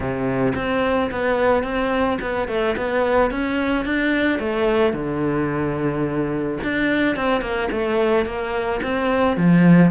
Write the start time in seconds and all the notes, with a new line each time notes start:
0.00 C3
0.55 C4
1.11 B3
1.63 C4
2.21 B3
2.48 A3
2.76 B3
3.31 C#4
3.85 D4
4.39 A3
4.93 D3
6.63 D4
7.16 C4
7.41 A#3
7.71 A3
8.25 A#3
8.82 C4
9.36 F3